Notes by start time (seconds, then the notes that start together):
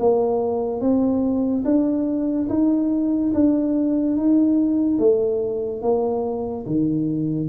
0.00 A#3
0.81 C4
1.65 D4
2.50 D#4
3.34 D4
4.17 D#4
4.99 A3
5.83 A#3
6.66 D#3